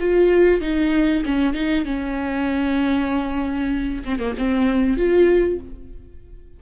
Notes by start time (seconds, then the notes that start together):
0.00 F4
0.61 D#4
1.25 C#4
1.54 D#4
1.85 C#4
4.05 C4
4.19 A#3
4.38 C4
4.97 F4